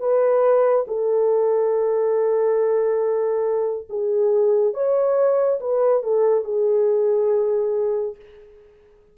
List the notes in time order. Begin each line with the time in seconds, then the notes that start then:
0.00 B4
0.88 A4
3.90 G#4
4.74 C#5
5.61 B4
6.03 A4
6.45 G#4